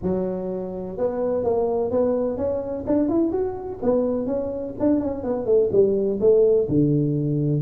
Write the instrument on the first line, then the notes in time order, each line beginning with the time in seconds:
tuba
0.02 F#3
0.97 B3
1.44 A#3
1.90 B3
2.37 C#4
2.86 D4
3.08 E4
3.31 F#4
3.82 B3
4.26 C#4
4.79 D4
5.00 C#4
5.23 B3
5.45 A3
5.72 G3
6.20 A3
6.68 D3